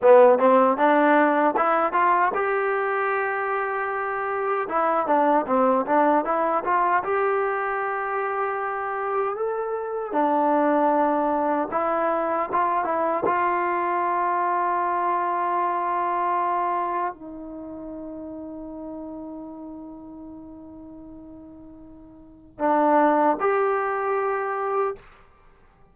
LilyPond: \new Staff \with { instrumentName = "trombone" } { \time 4/4 \tempo 4 = 77 b8 c'8 d'4 e'8 f'8 g'4~ | g'2 e'8 d'8 c'8 d'8 | e'8 f'8 g'2. | a'4 d'2 e'4 |
f'8 e'8 f'2.~ | f'2 dis'2~ | dis'1~ | dis'4 d'4 g'2 | }